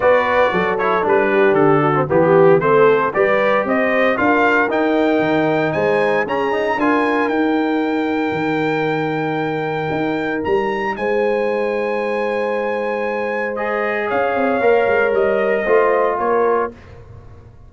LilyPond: <<
  \new Staff \with { instrumentName = "trumpet" } { \time 4/4 \tempo 4 = 115 d''4. cis''8 b'4 a'4 | g'4 c''4 d''4 dis''4 | f''4 g''2 gis''4 | ais''4 gis''4 g''2~ |
g''1 | ais''4 gis''2.~ | gis''2 dis''4 f''4~ | f''4 dis''2 cis''4 | }
  \new Staff \with { instrumentName = "horn" } { \time 4/4 b'4 a'4. g'4 fis'8 | g'4 a'4 b'4 c''4 | ais'2. c''4 | gis'4 ais'2.~ |
ais'1~ | ais'4 c''2.~ | c''2. cis''4~ | cis''2 c''4 ais'4 | }
  \new Staff \with { instrumentName = "trombone" } { \time 4/4 fis'4. e'8 d'4.~ d'16 c'16 | b4 c'4 g'2 | f'4 dis'2. | cis'8 dis'8 f'4 dis'2~ |
dis'1~ | dis'1~ | dis'2 gis'2 | ais'2 f'2 | }
  \new Staff \with { instrumentName = "tuba" } { \time 4/4 b4 fis4 g4 d4 | e4 a4 g4 c'4 | d'4 dis'4 dis4 gis4 | cis'4 d'4 dis'2 |
dis2. dis'4 | g4 gis2.~ | gis2. cis'8 c'8 | ais8 gis8 g4 a4 ais4 | }
>>